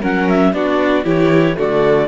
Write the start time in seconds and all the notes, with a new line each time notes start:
0.00 F#3 C#4 A#4 F#5
0.29 E5
0.53 B3 D4 F#4 D5
1.04 E3 E4 G4 C#5
1.55 D3 A3 F#4 D5